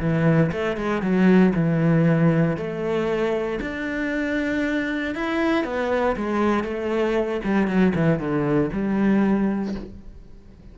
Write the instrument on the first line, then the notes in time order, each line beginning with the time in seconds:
cello
0.00 E3
0.52 A3
0.77 G#3
1.02 F#3
1.55 E3
2.57 A3
3.62 D4
5.15 E4
5.65 B3
6.17 G#3
6.64 A3
7.45 G3
7.68 F#3
7.96 E3
8.19 D3
8.73 G3